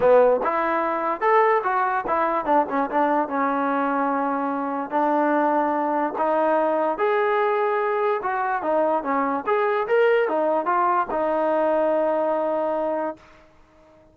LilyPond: \new Staff \with { instrumentName = "trombone" } { \time 4/4 \tempo 4 = 146 b4 e'2 a'4 | fis'4 e'4 d'8 cis'8 d'4 | cis'1 | d'2. dis'4~ |
dis'4 gis'2. | fis'4 dis'4 cis'4 gis'4 | ais'4 dis'4 f'4 dis'4~ | dis'1 | }